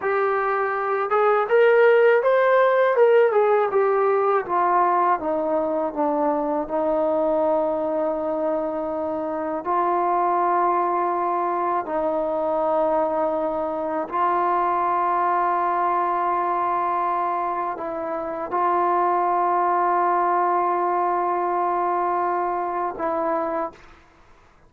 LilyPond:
\new Staff \with { instrumentName = "trombone" } { \time 4/4 \tempo 4 = 81 g'4. gis'8 ais'4 c''4 | ais'8 gis'8 g'4 f'4 dis'4 | d'4 dis'2.~ | dis'4 f'2. |
dis'2. f'4~ | f'1 | e'4 f'2.~ | f'2. e'4 | }